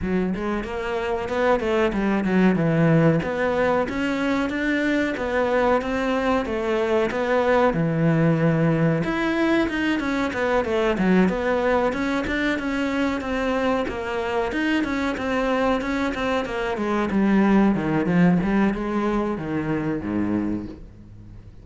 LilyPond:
\new Staff \with { instrumentName = "cello" } { \time 4/4 \tempo 4 = 93 fis8 gis8 ais4 b8 a8 g8 fis8 | e4 b4 cis'4 d'4 | b4 c'4 a4 b4 | e2 e'4 dis'8 cis'8 |
b8 a8 fis8 b4 cis'8 d'8 cis'8~ | cis'8 c'4 ais4 dis'8 cis'8 c'8~ | c'8 cis'8 c'8 ais8 gis8 g4 dis8 | f8 g8 gis4 dis4 gis,4 | }